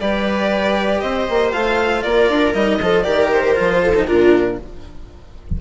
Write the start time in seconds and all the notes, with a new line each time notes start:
0.00 G3 G4 B4 D5
1.00 C4 C5 D#5
1.30 A#3
1.52 A3 F4 F5
2.03 A#3 A#4 D5
2.29 D4
2.54 G3 D#4 D#5
2.81 F3 F4 A4
3.03 D#3 G4 A#4 D5
3.32 C5
3.55 F3 F4
3.82 A4
3.95 D#4
4.06 A#2 D4 F4 A#4